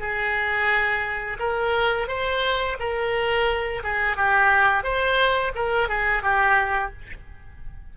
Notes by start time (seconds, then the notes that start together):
0.00 G#4
1.40 A#4
2.08 C5
2.80 A#4
3.84 G#4
4.17 G4
4.84 C5
5.55 A#4
5.89 G#4
6.23 G4